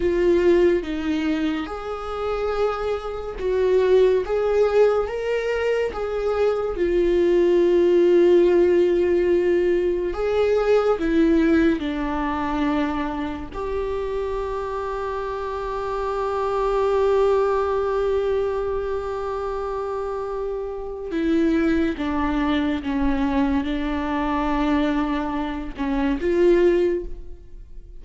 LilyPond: \new Staff \with { instrumentName = "viola" } { \time 4/4 \tempo 4 = 71 f'4 dis'4 gis'2 | fis'4 gis'4 ais'4 gis'4 | f'1 | gis'4 e'4 d'2 |
g'1~ | g'1~ | g'4 e'4 d'4 cis'4 | d'2~ d'8 cis'8 f'4 | }